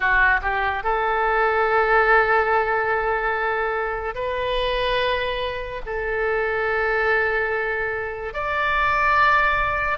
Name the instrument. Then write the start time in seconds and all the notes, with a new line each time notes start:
oboe
0.00 F#4
0.42 G4
0.83 A4
4.14 B4
5.85 A4
8.33 D5